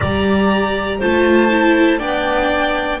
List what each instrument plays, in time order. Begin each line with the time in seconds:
0.00 double bass G3, viola G4, clarinet D5, violin A#5
0.99 double bass A3, viola F4, clarinet C5, violin A5
1.50 viola E4
1.99 double bass B3, viola D4, clarinet D5, violin G5